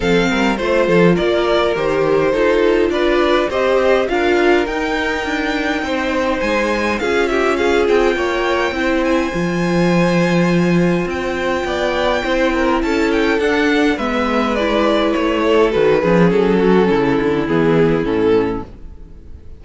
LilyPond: <<
  \new Staff \with { instrumentName = "violin" } { \time 4/4 \tempo 4 = 103 f''4 c''4 d''4 c''4~ | c''4 d''4 dis''4 f''4 | g''2. gis''4 | f''8 e''8 f''8 g''2 gis''8~ |
gis''2. g''4~ | g''2 a''8 g''8 fis''4 | e''4 d''4 cis''4 b'4 | a'2 gis'4 a'4 | }
  \new Staff \with { instrumentName = "violin" } { \time 4/4 a'8 ais'8 c''8 a'8 ais'2 | a'4 b'4 c''4 ais'4~ | ais'2 c''2 | gis'8 g'8 gis'4 cis''4 c''4~ |
c''1 | d''4 c''8 ais'8 a'2 | b'2~ b'8 a'4 gis'8~ | gis'8 fis'8 e'2. | }
  \new Staff \with { instrumentName = "viola" } { \time 4/4 c'4 f'2 g'4 | f'2 g'4 f'4 | dis'1 | f'2. e'4 |
f'1~ | f'4 e'2 d'4 | b4 e'2 fis'8 cis'8~ | cis'2 b4 cis'4 | }
  \new Staff \with { instrumentName = "cello" } { \time 4/4 f8 g8 a8 f8 ais4 dis4 | dis'4 d'4 c'4 d'4 | dis'4 d'4 c'4 gis4 | cis'4. c'8 ais4 c'4 |
f2. c'4 | b4 c'4 cis'4 d'4 | gis2 a4 dis8 f8 | fis4 cis8 d8 e4 a,4 | }
>>